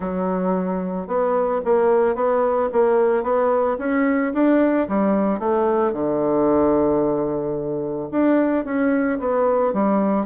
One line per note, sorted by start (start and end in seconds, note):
0.00 1.07 F#3
1.07 1.61 B3
1.64 2.15 A#3
2.15 2.69 B3
2.72 3.23 A#3
3.23 3.77 B3
3.78 4.32 C#4
4.33 4.87 D4
4.88 5.39 G3
5.39 5.93 A3
5.93 8.09 D3
8.11 8.64 D4
8.64 9.18 C#4
9.19 9.73 B3
9.73 10.26 G3